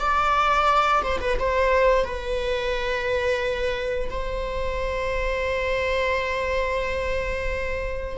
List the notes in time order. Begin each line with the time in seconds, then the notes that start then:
0.00 D5
1.03 C5
1.20 B4
1.39 C5
2.04 B4
4.10 C5